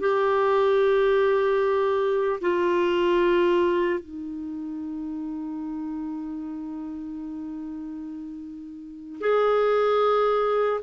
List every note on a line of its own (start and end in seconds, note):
0.00 2.40 G4
2.41 4.00 F4
4.00 9.20 D#4
9.21 10.81 G#4